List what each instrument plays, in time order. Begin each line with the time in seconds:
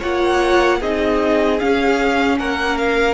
0.00 cello A#3, viola F4, violin C#5 F#5
0.79 cello C4, viola D#4, violin G#4 D#5
1.60 viola C#4, cello C#4, violin F5
2.39 cello A#3, violin A#4 F#5
2.78 violin F5